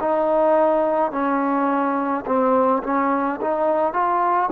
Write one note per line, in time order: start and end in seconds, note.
0.00 1.12 D#4
1.12 2.25 C#4
2.26 2.83 C4
2.84 3.40 C#4
3.41 3.93 D#4
3.93 4.50 F4